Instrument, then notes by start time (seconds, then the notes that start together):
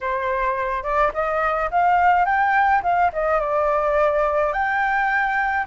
flute
0.00 C5
0.83 D5
1.13 D#5
1.70 F5
2.25 G5
2.82 F5
3.12 D#5
3.40 D5
4.52 G5